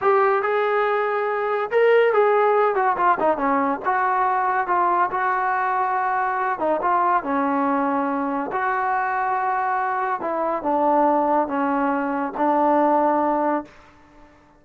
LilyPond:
\new Staff \with { instrumentName = "trombone" } { \time 4/4 \tempo 4 = 141 g'4 gis'2. | ais'4 gis'4. fis'8 f'8 dis'8 | cis'4 fis'2 f'4 | fis'2.~ fis'8 dis'8 |
f'4 cis'2. | fis'1 | e'4 d'2 cis'4~ | cis'4 d'2. | }